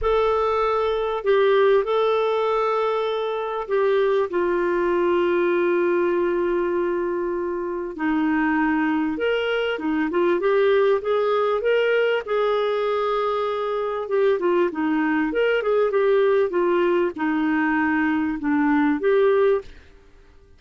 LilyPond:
\new Staff \with { instrumentName = "clarinet" } { \time 4/4 \tempo 4 = 98 a'2 g'4 a'4~ | a'2 g'4 f'4~ | f'1~ | f'4 dis'2 ais'4 |
dis'8 f'8 g'4 gis'4 ais'4 | gis'2. g'8 f'8 | dis'4 ais'8 gis'8 g'4 f'4 | dis'2 d'4 g'4 | }